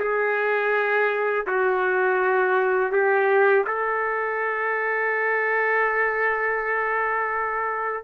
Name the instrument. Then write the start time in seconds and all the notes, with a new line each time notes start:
trumpet
0.00 G#4
1.47 F#4
2.92 G4
3.67 A4